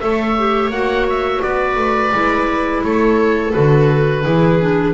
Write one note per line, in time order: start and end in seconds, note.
0.00 0.70 A3
0.00 0.35 A4
0.00 1.42 C#5
0.00 0.71 E5
0.39 0.72 G4
0.70 1.41 A#3
0.70 2.14 F#4
0.70 1.07 F#5
1.10 1.43 E5
1.42 1.76 B3
1.42 2.84 B4
1.42 2.84 D5
1.76 2.11 A3
2.12 2.83 G#3
2.12 3.53 E4
2.84 3.54 A3
2.84 4.24 A4
2.84 3.53 C#5
3.53 4.25 D3
3.53 4.24 F#4
3.53 4.94 B4
4.24 4.94 E3
4.24 4.60 E4
4.24 4.94 G#4
4.60 4.94 D4